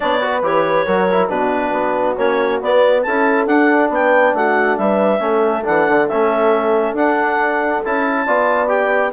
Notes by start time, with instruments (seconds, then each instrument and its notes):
0.00 bassoon B3, trombone D4, horn C#5, clarinet D5
0.20 trombone F#4, horn B4
0.41 bassoon E3, trombone G4, clarinet C#5
0.86 bassoon F#3, trombone F#4, horn A#4
1.12 trombone E4
1.28 bassoon B2, trombone D4, horn F#4, clarinet B4
1.72 bassoon B3
2.17 bassoon A#3, trombone C#4, clarinet C#5
2.61 bassoon B3, trombone B3, clarinet D5
3.02 bassoon C#4, trombone E4, horn A4, clarinet A5
3.46 bassoon D4, trombone D4, clarinet F#5
3.89 bassoon B3, clarinet G5
3.95 horn B4
4.33 bassoon A3, horn F#4, clarinet F#5
4.77 bassoon G3, horn B4, clarinet E5
5.19 bassoon A3, trombone C#4, horn A4
5.63 bassoon E3, trombone D4, clarinet F#5
5.87 bassoon D3
6.08 bassoon A3, trombone C#4, clarinet E5
6.92 bassoon D4, trombone D4, clarinet F#5
7.84 bassoon C#4, trombone E4, clarinet A5
8.25 bassoon B3, trombone F4, horn D5
8.67 trombone G4, clarinet G5